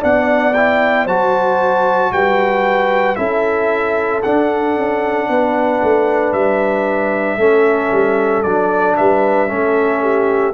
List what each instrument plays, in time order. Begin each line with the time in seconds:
0.00 tuba B3, trombone D4, horn D5, trumpet F#5
0.54 trombone E4, trumpet G5
1.05 tuba F#3, trombone F#4, horn C5, trumpet A5
2.11 tuba G3, horn B4, trumpet G5
3.16 tuba C#4, trombone E4, horn A4, trumpet E5
4.23 trombone D4, tuba D4, trumpet F#5
4.77 tuba C#4
5.29 tuba B3, horn B4
5.83 tuba A3
6.33 tuba G3, trumpet E5
7.37 tuba A3, trombone C#4, horn A4
7.91 tuba G3
8.43 tuba F#3, trombone D4, trumpet D5
8.96 tuba G3, horn B4, trumpet E5
9.48 tuba A3, trombone C#4, horn A4
10.02 horn G4